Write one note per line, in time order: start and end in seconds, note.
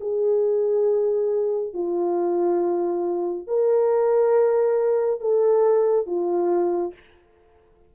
0.00 1.74 G#4
1.74 3.47 F4
3.47 5.21 A#4
5.21 6.06 A4
6.06 6.93 F4